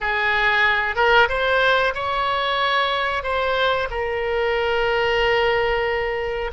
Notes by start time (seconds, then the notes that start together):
0.00 G#4
0.95 A#4
1.28 C5
1.94 C#5
3.23 C5
3.90 A#4